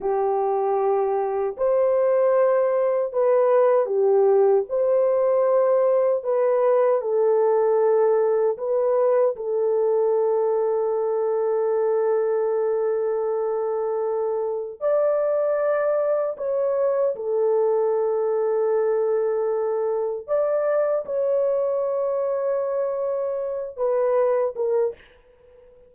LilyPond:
\new Staff \with { instrumentName = "horn" } { \time 4/4 \tempo 4 = 77 g'2 c''2 | b'4 g'4 c''2 | b'4 a'2 b'4 | a'1~ |
a'2. d''4~ | d''4 cis''4 a'2~ | a'2 d''4 cis''4~ | cis''2~ cis''8 b'4 ais'8 | }